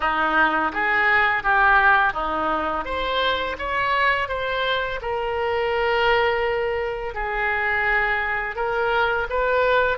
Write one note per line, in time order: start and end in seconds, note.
0.00 0.71 D#4
0.72 1.43 G#4
1.43 2.13 G4
2.13 2.84 D#4
2.84 3.56 C5
3.58 4.28 C#5
4.28 5.00 C5
5.01 7.14 A#4
7.14 8.55 G#4
8.55 9.27 A#4
9.29 9.97 B4